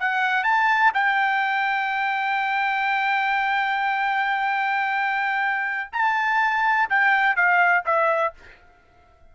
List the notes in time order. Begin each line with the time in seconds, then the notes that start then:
0.00 F#5
0.44 A5
0.95 G5
5.93 A5
6.90 G5
7.36 F5
7.86 E5